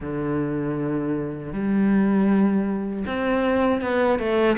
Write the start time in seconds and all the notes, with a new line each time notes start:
0.00 D3
1.52 G3
3.06 C4
3.81 B3
4.19 A3